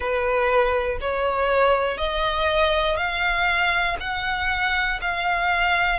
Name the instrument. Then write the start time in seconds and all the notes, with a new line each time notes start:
violin
0.00 B4
1.00 C#5
1.97 D#5
2.96 F5
4.00 F#5
5.00 F5